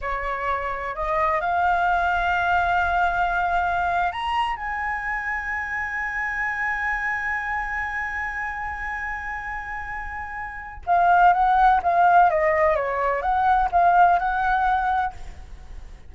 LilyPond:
\new Staff \with { instrumentName = "flute" } { \time 4/4 \tempo 4 = 127 cis''2 dis''4 f''4~ | f''1~ | f''8. ais''4 gis''2~ gis''16~ | gis''1~ |
gis''1~ | gis''2. f''4 | fis''4 f''4 dis''4 cis''4 | fis''4 f''4 fis''2 | }